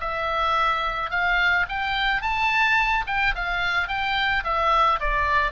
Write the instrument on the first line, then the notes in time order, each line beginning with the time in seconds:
oboe
0.00 E5
1.10 F5
1.68 G5
2.21 A5
3.06 G5
3.35 F5
3.88 G5
4.44 E5
4.99 D5